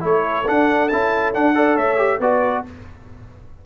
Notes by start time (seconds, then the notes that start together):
0.00 A3 E4 A4 C#5
0.46 D4 F#5
0.88 C#4 E4 A5
1.34 D4 F#5
1.55 A4 D5
1.75 A3 C#5 E5
1.97 G4
2.20 B3 F#4 B4 D5